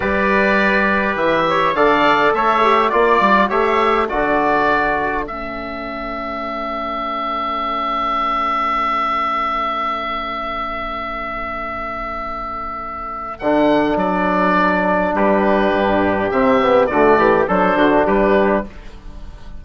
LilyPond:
<<
  \new Staff \with { instrumentName = "oboe" } { \time 4/4 \tempo 4 = 103 d''2 e''4 f''4 | e''4 d''4 e''4 d''4~ | d''4 e''2.~ | e''1~ |
e''1~ | e''2. fis''4 | d''2 b'2 | e''4 d''4 c''4 b'4 | }
  \new Staff \with { instrumentName = "trumpet" } { \time 4/4 b'2~ b'8 cis''8 d''4 | cis''4 d''4 cis''4 a'4~ | a'1~ | a'1~ |
a'1~ | a'1~ | a'2 g'2~ | g'4 fis'8 g'8 a'8 fis'8 g'4 | }
  \new Staff \with { instrumentName = "trombone" } { \time 4/4 g'2. a'4~ | a'8 g'8 f'4 g'4 fis'4~ | fis'4 cis'2.~ | cis'1~ |
cis'1~ | cis'2. d'4~ | d'1 | c'8 b8 a4 d'2 | }
  \new Staff \with { instrumentName = "bassoon" } { \time 4/4 g2 e4 d4 | a4 ais8 g8 a4 d4~ | d4 a2.~ | a1~ |
a1~ | a2. d4 | fis2 g4 g,4 | c4 d8 e8 fis8 d8 g4 | }
>>